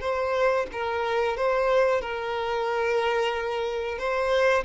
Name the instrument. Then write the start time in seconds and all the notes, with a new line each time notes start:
violin
0.00 C5
0.72 A#4
1.36 C5
2.01 A#4
3.98 C5